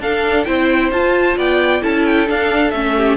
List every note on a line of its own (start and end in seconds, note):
0.00 0.45 D4
0.00 0.46 D4
0.00 0.47 A4
0.00 0.44 F5
0.44 0.91 C4
0.44 0.92 E4
0.44 1.37 C5
0.44 0.90 G5
0.91 1.36 F4
0.91 1.82 F4
0.91 1.38 A5
1.37 1.82 B3
1.37 1.82 D5
1.37 1.82 G5
1.82 2.29 C#4
1.82 2.27 E4
1.82 2.96 A4
1.82 2.05 A5
2.05 2.28 G5
2.27 2.72 D4
2.27 2.73 D4
2.27 2.71 F5
2.71 3.17 A3
2.71 3.17 C#4
2.71 3.16 E5
2.96 3.17 G4